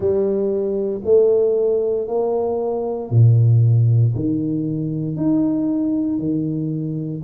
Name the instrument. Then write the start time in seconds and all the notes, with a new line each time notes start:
tuba
0.00 G3
1.04 A3
2.07 A#3
3.10 A#2
4.15 D#3
5.16 D#4
6.18 D#3